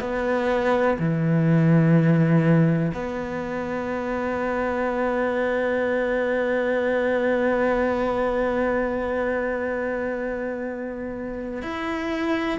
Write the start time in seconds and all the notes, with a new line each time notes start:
0.00 B3
0.99 E3
2.93 B3
11.62 E4